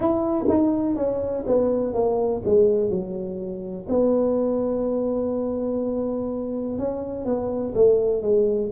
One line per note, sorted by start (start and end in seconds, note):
0.00 0.44 E4
0.48 0.96 D#4
0.96 1.44 C#4
1.46 1.94 B3
1.94 2.42 A#3
2.45 2.90 G#3
2.90 3.87 F#3
3.88 6.78 B3
6.78 7.25 C#4
7.25 7.73 B3
7.74 8.22 A3
8.22 8.70 G#3